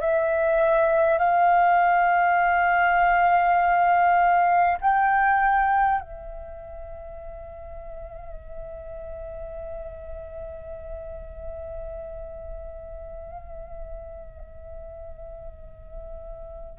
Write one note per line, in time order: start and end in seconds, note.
0.00 1.18 E5
1.18 4.78 F5
4.80 6.00 G5
6.01 16.78 E5